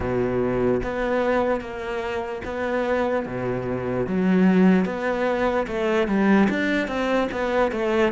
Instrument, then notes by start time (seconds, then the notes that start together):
cello
0.00 B2
0.83 B3
1.60 A#3
2.44 B3
3.26 B2
4.06 F#3
4.85 B3
5.67 A3
6.07 G3
6.49 D4
6.87 C4
7.31 B3
7.71 A3